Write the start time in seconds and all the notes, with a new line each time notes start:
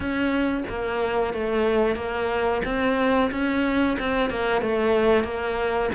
0.00 C#4
0.69 A#3
1.33 A3
1.95 A#3
2.64 C4
3.31 C#4
3.99 C4
4.29 A#3
4.61 A3
5.24 A#3